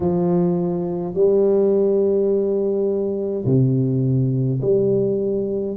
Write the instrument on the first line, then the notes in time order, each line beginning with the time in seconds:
tuba
0.00 F3
1.13 G3
3.45 C3
4.62 G3